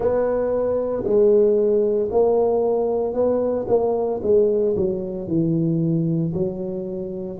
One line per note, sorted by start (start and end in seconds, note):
0.00 1.03 B3
1.04 2.09 G#3
2.11 3.13 A#3
3.13 3.66 B3
3.68 4.21 A#3
4.22 4.75 G#3
4.76 5.27 F#3
5.27 6.33 E3
6.33 7.38 F#3